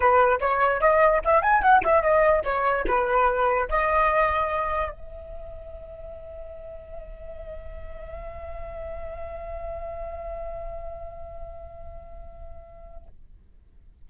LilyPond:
\new Staff \with { instrumentName = "flute" } { \time 4/4 \tempo 4 = 147 b'4 cis''4 dis''4 e''8 gis''8 | fis''8 e''8 dis''4 cis''4 b'4~ | b'4 dis''2. | e''1~ |
e''1~ | e''1~ | e''1~ | e''1 | }